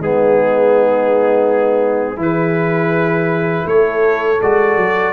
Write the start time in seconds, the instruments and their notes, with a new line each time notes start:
0.00 tuba G#3, trombone B3, horn D#4, trumpet G#4
2.16 tuba E3, trombone E4, horn G#4, trumpet B4
3.66 tuba A3, horn A4, trumpet C#5
4.41 tuba G#3, trombone F#4, trumpet D5
4.77 tuba F#3